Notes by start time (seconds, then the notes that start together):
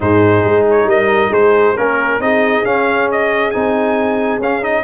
0.00 G#2 D#4 G#4 C5
0.44 G#3
0.70 C#5
0.85 G3 A#4 D#5
1.30 G#3 G#4 C5
1.75 A#3 C#4 A#4
2.19 C4 D#4 G#4 D#5
2.64 C#4 F5
3.11 D#5
3.50 C4 D#4 G#5
4.39 C#4 F5
4.61 D#4 D#5